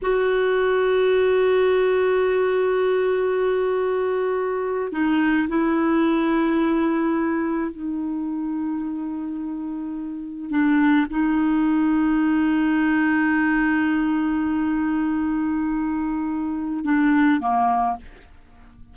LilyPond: \new Staff \with { instrumentName = "clarinet" } { \time 4/4 \tempo 4 = 107 fis'1~ | fis'1~ | fis'8. dis'4 e'2~ e'16~ | e'4.~ e'16 dis'2~ dis'16~ |
dis'2~ dis'8. d'4 dis'16~ | dis'1~ | dis'1~ | dis'2 d'4 ais4 | }